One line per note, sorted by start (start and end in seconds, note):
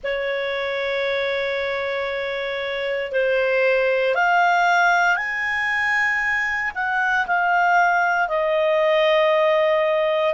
0.03 3.12 C#5
3.12 4.14 C5
4.14 5.16 F5
5.16 6.71 G#5
6.74 7.26 F#5
7.26 8.28 F5
8.28 10.34 D#5